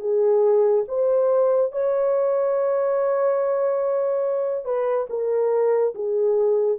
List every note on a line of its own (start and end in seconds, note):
0.00 0.85 G#4
0.88 1.72 C5
1.72 4.64 C#5
4.64 5.07 B4
5.09 5.94 A#4
5.95 6.78 G#4